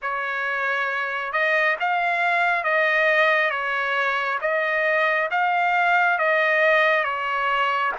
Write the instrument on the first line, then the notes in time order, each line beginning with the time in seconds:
trumpet
0.02 C#5
1.32 D#5
1.80 F5
2.64 D#5
3.50 C#5
4.41 D#5
5.31 F5
6.18 D#5
7.03 C#5